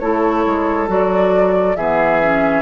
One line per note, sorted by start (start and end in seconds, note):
0.00 0.46 A3
0.00 0.87 E4
0.00 1.77 A4
0.00 0.88 C#5
0.46 0.88 G#3
0.87 1.76 F#3
0.87 1.76 F#4
0.87 1.76 D5
1.76 2.63 E3
1.76 2.22 B3
1.76 2.63 G#4
1.76 2.63 E5
2.22 2.63 C#4